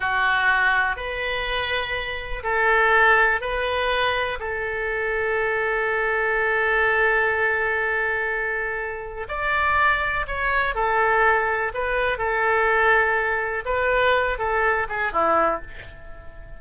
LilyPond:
\new Staff \with { instrumentName = "oboe" } { \time 4/4 \tempo 4 = 123 fis'2 b'2~ | b'4 a'2 b'4~ | b'4 a'2.~ | a'1~ |
a'2. d''4~ | d''4 cis''4 a'2 | b'4 a'2. | b'4. a'4 gis'8 e'4 | }